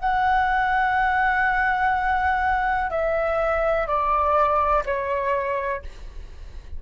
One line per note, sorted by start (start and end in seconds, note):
0.00 2.90 F#5
2.90 3.87 E5
3.88 4.84 D5
4.86 5.83 C#5